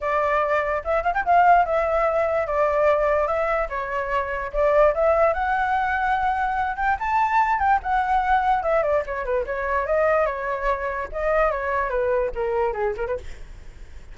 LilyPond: \new Staff \with { instrumentName = "flute" } { \time 4/4 \tempo 4 = 146 d''2 e''8 f''16 g''16 f''4 | e''2 d''2 | e''4 cis''2 d''4 | e''4 fis''2.~ |
fis''8 g''8 a''4. g''8 fis''4~ | fis''4 e''8 d''8 cis''8 b'8 cis''4 | dis''4 cis''2 dis''4 | cis''4 b'4 ais'4 gis'8 ais'16 b'16 | }